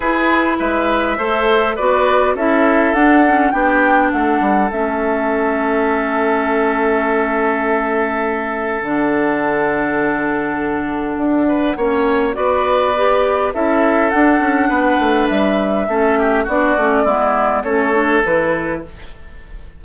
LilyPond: <<
  \new Staff \with { instrumentName = "flute" } { \time 4/4 \tempo 4 = 102 b'4 e''2 d''4 | e''4 fis''4 g''4 fis''4 | e''1~ | e''2. fis''4~ |
fis''1~ | fis''4 d''2 e''4 | fis''2 e''2 | d''2 cis''4 b'4 | }
  \new Staff \with { instrumentName = "oboe" } { \time 4/4 gis'4 b'4 c''4 b'4 | a'2 g'4 a'4~ | a'1~ | a'1~ |
a'2.~ a'8 b'8 | cis''4 b'2 a'4~ | a'4 b'2 a'8 g'8 | fis'4 e'4 a'2 | }
  \new Staff \with { instrumentName = "clarinet" } { \time 4/4 e'2 a'4 fis'4 | e'4 d'8 cis'8 d'2 | cis'1~ | cis'2. d'4~ |
d'1 | cis'4 fis'4 g'4 e'4 | d'2. cis'4 | d'8 cis'8 b4 cis'8 d'8 e'4 | }
  \new Staff \with { instrumentName = "bassoon" } { \time 4/4 e'4 gis4 a4 b4 | cis'4 d'4 b4 a8 g8 | a1~ | a2. d4~ |
d2. d'4 | ais4 b2 cis'4 | d'8 cis'8 b8 a8 g4 a4 | b8 a8 gis4 a4 e4 | }
>>